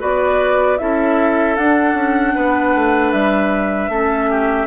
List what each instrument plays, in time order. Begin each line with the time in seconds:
0.00 bassoon B3, clarinet F#4, oboe B4, flute D5
0.78 bassoon C#4, clarinet E4, oboe A4, flute E5
1.56 bassoon D4, clarinet D4, flute F#5
1.94 bassoon C#4
2.36 bassoon B3, oboe B4
2.75 bassoon A3
3.12 bassoon G3, flute E5
3.89 bassoon A3, clarinet C#4, oboe A4
4.30 oboe G4